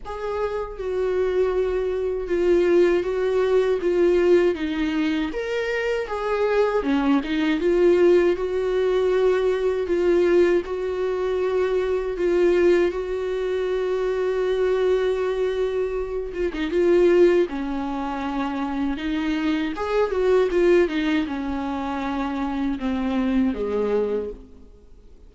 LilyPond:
\new Staff \with { instrumentName = "viola" } { \time 4/4 \tempo 4 = 79 gis'4 fis'2 f'4 | fis'4 f'4 dis'4 ais'4 | gis'4 cis'8 dis'8 f'4 fis'4~ | fis'4 f'4 fis'2 |
f'4 fis'2.~ | fis'4. f'16 dis'16 f'4 cis'4~ | cis'4 dis'4 gis'8 fis'8 f'8 dis'8 | cis'2 c'4 gis4 | }